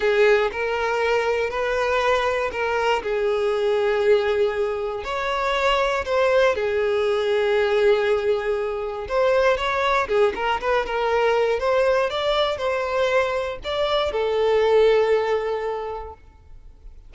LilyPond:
\new Staff \with { instrumentName = "violin" } { \time 4/4 \tempo 4 = 119 gis'4 ais'2 b'4~ | b'4 ais'4 gis'2~ | gis'2 cis''2 | c''4 gis'2.~ |
gis'2 c''4 cis''4 | gis'8 ais'8 b'8 ais'4. c''4 | d''4 c''2 d''4 | a'1 | }